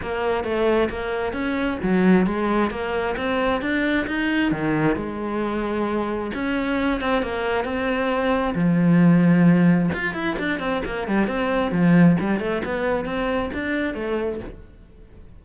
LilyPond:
\new Staff \with { instrumentName = "cello" } { \time 4/4 \tempo 4 = 133 ais4 a4 ais4 cis'4 | fis4 gis4 ais4 c'4 | d'4 dis'4 dis4 gis4~ | gis2 cis'4. c'8 |
ais4 c'2 f4~ | f2 f'8 e'8 d'8 c'8 | ais8 g8 c'4 f4 g8 a8 | b4 c'4 d'4 a4 | }